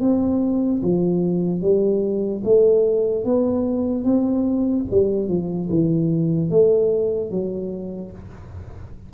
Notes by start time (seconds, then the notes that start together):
0.00 C4
0.82 F3
1.61 G3
2.44 A3
3.24 B3
4.04 C4
4.90 G3
5.28 F3
5.69 E3
6.50 A3
7.30 F#3